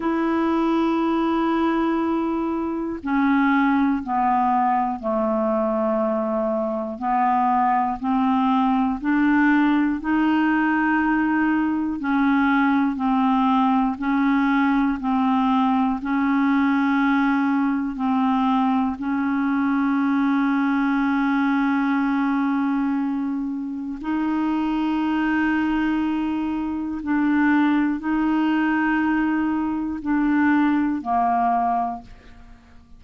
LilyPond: \new Staff \with { instrumentName = "clarinet" } { \time 4/4 \tempo 4 = 60 e'2. cis'4 | b4 a2 b4 | c'4 d'4 dis'2 | cis'4 c'4 cis'4 c'4 |
cis'2 c'4 cis'4~ | cis'1 | dis'2. d'4 | dis'2 d'4 ais4 | }